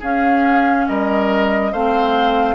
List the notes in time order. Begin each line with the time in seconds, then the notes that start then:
0.00 C#4 G#4 F5
0.88 G3 A#4 D#5
1.73 A3 C4 C5 F5